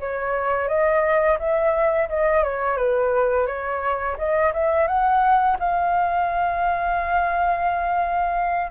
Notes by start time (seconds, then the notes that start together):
0.00 C#5
0.68 D#5
1.39 E5
2.09 D#5
2.44 C#5
2.77 B4
3.47 C#5
4.18 D#5
4.54 E5
4.88 F#5
5.59 F5